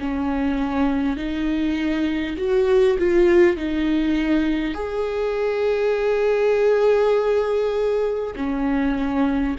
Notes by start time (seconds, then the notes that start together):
0.00 C#4
1.17 D#4
2.38 F#4
2.99 F4
3.57 D#4
4.75 G#4
8.36 C#4